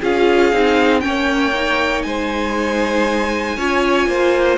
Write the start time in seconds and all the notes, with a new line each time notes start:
0.00 C#4 F4 G#4 F5
0.53 C4 D#4
1.00 A#3 C#4 C#5 G5
1.53 D#4
2.02 G#3 C5 G#5
3.57 C#4 F4 C#5
4.07 A#3 C5